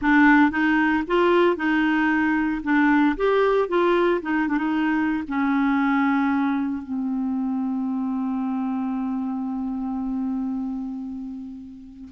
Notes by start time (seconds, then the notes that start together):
0.01 D4
0.50 D#4
1.07 F4
1.56 D#4
2.63 D4
3.17 G4
3.68 F4
4.21 D#4
4.48 D4
4.57 D#4
5.28 C#4
6.82 C4